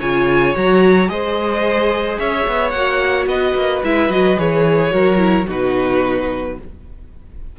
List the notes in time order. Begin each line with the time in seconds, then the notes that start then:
0.00 C#3 F4 C#5 G#5
0.55 F#3 F#4 A#5
1.09 G#3 G#4 C5 D#5
2.19 C#4 C#5 E5
2.47 B3
2.70 A#3 F#4 F#5
3.27 B3 B4 D#5
3.55 A#3
3.84 G#3 E4 E5
4.10 F#3 F#4 D#5
4.37 E3 G#4 C#5
4.91 F#3 F#4 A#4
5.18 E4
5.47 B2 D#4 F#4 B4